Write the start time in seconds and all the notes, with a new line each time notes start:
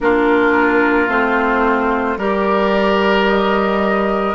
0.00 A#3 D4 F4 A#4
1.07 A3 C4 C5
2.17 G3 G4 A#4 D5
3.28 D#5